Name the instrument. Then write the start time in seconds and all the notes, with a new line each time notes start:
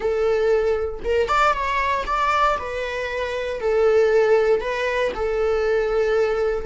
viola
0.00 A4
1.04 A#4
1.28 D5
1.53 C#5
2.06 D5
2.59 B4
3.60 A4
4.60 B4
5.14 A4